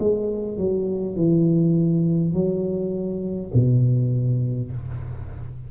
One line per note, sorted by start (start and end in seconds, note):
0.00 0.58 G#3
0.58 1.17 F#3
1.17 2.34 E3
2.34 3.52 F#3
3.54 4.72 B2